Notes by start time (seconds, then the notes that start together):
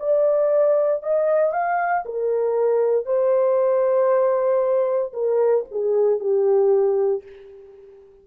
0.00 D5
1.03 D#5
1.53 F5
2.05 A#4
3.06 C5
5.13 A#4
5.71 G#4
6.20 G4